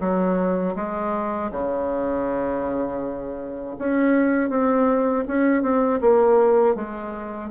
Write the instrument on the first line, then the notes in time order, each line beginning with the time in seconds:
bassoon
0.00 F#3
0.76 G#3
1.51 C#3
3.78 C#4
4.49 C4
5.28 C#4
5.62 C4
6.01 A#3
6.75 G#3